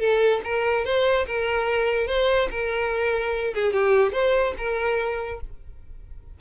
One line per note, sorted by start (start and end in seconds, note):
0.00 0.41 A4
0.44 0.85 A#4
0.85 1.26 C5
1.27 2.08 A#4
2.08 2.49 C5
2.51 3.54 A#4
3.55 3.73 G#4
3.73 4.13 G4
4.13 4.54 C5
4.58 5.41 A#4